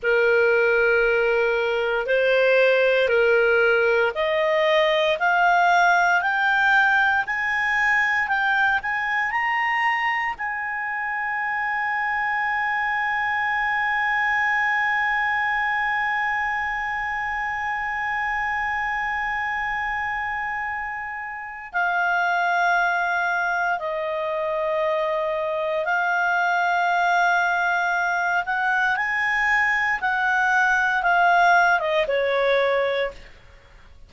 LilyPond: \new Staff \with { instrumentName = "clarinet" } { \time 4/4 \tempo 4 = 58 ais'2 c''4 ais'4 | dis''4 f''4 g''4 gis''4 | g''8 gis''8 ais''4 gis''2~ | gis''1~ |
gis''1~ | gis''4 f''2 dis''4~ | dis''4 f''2~ f''8 fis''8 | gis''4 fis''4 f''8. dis''16 cis''4 | }